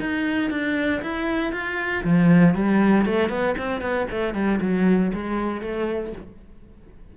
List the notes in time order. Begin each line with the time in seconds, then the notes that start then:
0.00 D#4
0.50 D4
1.02 E4
1.52 F4
2.04 F3
2.54 G3
3.06 A3
3.29 B3
3.58 C4
3.81 B3
4.11 A3
4.34 G3
4.61 F#3
5.14 G#3
5.61 A3